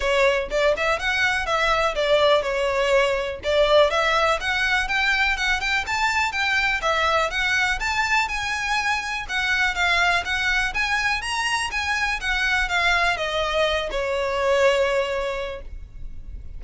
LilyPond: \new Staff \with { instrumentName = "violin" } { \time 4/4 \tempo 4 = 123 cis''4 d''8 e''8 fis''4 e''4 | d''4 cis''2 d''4 | e''4 fis''4 g''4 fis''8 g''8 | a''4 g''4 e''4 fis''4 |
a''4 gis''2 fis''4 | f''4 fis''4 gis''4 ais''4 | gis''4 fis''4 f''4 dis''4~ | dis''8 cis''2.~ cis''8 | }